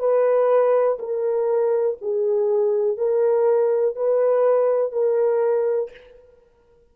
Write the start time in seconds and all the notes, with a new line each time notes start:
0.00 B4
0.99 A#4
2.02 G#4
2.98 A#4
3.96 B4
4.92 A#4